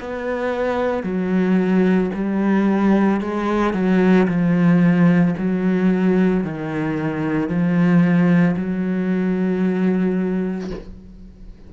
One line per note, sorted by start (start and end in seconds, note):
0.00 1.03 B3
1.03 2.10 F#3
2.14 3.21 G3
3.21 3.74 G#3
3.74 4.27 F#3
4.28 5.35 F3
5.38 6.44 F#3
6.44 7.49 D#3
7.49 8.56 F3
8.56 10.70 F#3